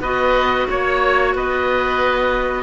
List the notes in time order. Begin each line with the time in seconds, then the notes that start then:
0.00 B3 F#4 B4 D#5
0.70 A#3 C#5
1.35 B3 B4 D#5